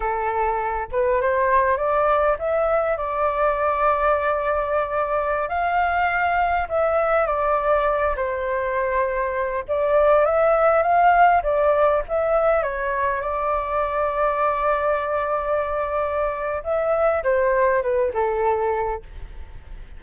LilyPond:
\new Staff \with { instrumentName = "flute" } { \time 4/4 \tempo 4 = 101 a'4. b'8 c''4 d''4 | e''4 d''2.~ | d''4~ d''16 f''2 e''8.~ | e''16 d''4. c''2~ c''16~ |
c''16 d''4 e''4 f''4 d''8.~ | d''16 e''4 cis''4 d''4.~ d''16~ | d''1 | e''4 c''4 b'8 a'4. | }